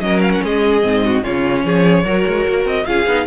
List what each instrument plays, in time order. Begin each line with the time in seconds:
0.00 cello F#3, viola C#4, violin A#4 D#5
0.21 violin F5
0.32 violin F#5
0.43 cello G#3, violin G#4 D#5
0.82 cello G#2, viola C4
1.05 violin F#4
1.23 cello C#3, viola C#4, violin F4 C#5
1.64 cello F3, violin G#4
2.04 cello F#3, viola F#4, violin A#4
2.27 cello G#3
2.48 cello A#3
2.65 cello C4, violin D#5
2.86 cello C#4, viola F4, violin G#4 F5
3.07 cello B3, viola D#4